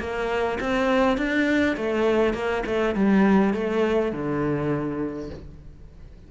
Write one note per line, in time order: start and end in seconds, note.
0.00 0.59 A#3
0.60 1.18 C4
1.18 1.76 D4
1.77 2.34 A3
2.34 2.63 A#3
2.66 2.95 A3
2.95 3.54 G3
3.54 4.12 A3
4.12 5.30 D3